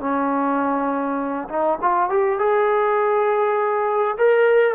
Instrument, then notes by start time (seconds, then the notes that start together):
trombone
0.00 C#4
1.49 D#4
1.82 F4
2.10 G4
2.39 G#4
4.18 A#4